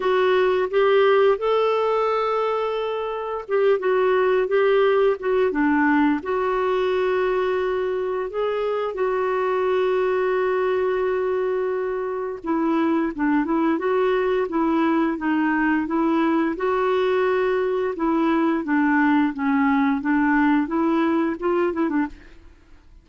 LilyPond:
\new Staff \with { instrumentName = "clarinet" } { \time 4/4 \tempo 4 = 87 fis'4 g'4 a'2~ | a'4 g'8 fis'4 g'4 fis'8 | d'4 fis'2. | gis'4 fis'2.~ |
fis'2 e'4 d'8 e'8 | fis'4 e'4 dis'4 e'4 | fis'2 e'4 d'4 | cis'4 d'4 e'4 f'8 e'16 d'16 | }